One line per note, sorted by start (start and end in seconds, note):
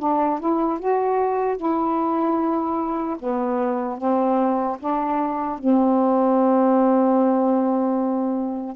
0.00 0.40 D4
0.40 0.80 E4
0.80 1.57 F#4
1.57 3.17 E4
3.20 3.98 B3
3.98 4.78 C4
4.80 5.59 D4
5.59 8.76 C4